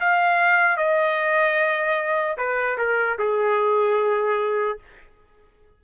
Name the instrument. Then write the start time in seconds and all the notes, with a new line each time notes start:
trumpet
0.00 F5
0.77 D#5
2.37 B4
2.77 A#4
3.18 G#4